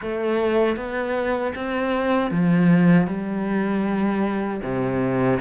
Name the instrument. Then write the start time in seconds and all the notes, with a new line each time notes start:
cello
0.01 A3
0.76 B3
1.55 C4
2.30 F3
3.07 G3
4.62 C3